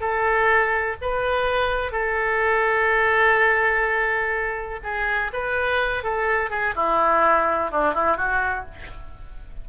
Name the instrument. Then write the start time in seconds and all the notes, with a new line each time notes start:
oboe
0.00 A4
1.01 B4
1.92 A4
4.83 G#4
5.33 B4
6.03 A4
6.50 G#4
6.75 E4
7.71 D4
7.94 E4
8.17 F#4